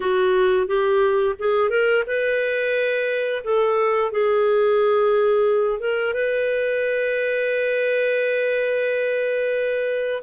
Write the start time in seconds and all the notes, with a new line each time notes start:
0.00 F#4
0.67 G4
1.38 G#4
1.69 A#4
2.06 B4
3.43 A4
4.11 G#4
5.79 A#4
6.13 B4